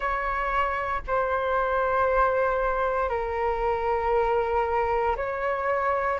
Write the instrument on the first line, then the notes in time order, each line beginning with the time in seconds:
flute
0.00 C#5
1.07 C5
3.08 A#4
5.16 C#5